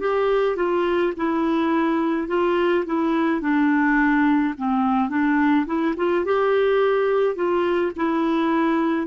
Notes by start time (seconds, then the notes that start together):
0.00 G4
0.56 F4
1.16 E4
2.28 F4
2.86 E4
3.41 D4
4.57 C4
5.09 D4
5.66 E4
5.96 F4
6.25 G4
7.35 F4
7.97 E4